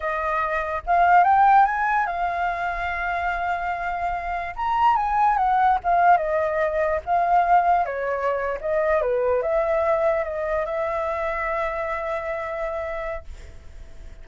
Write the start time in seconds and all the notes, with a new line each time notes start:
0.00 D#5
0.86 F5
1.24 G5
1.65 G#5
2.06 F5
4.55 A#5
4.96 G#5
5.37 F#5
5.83 F5
6.17 D#5
7.05 F5
7.85 C#5
8.61 D#5
9.01 B4
9.42 E5
10.24 D#5
10.65 E5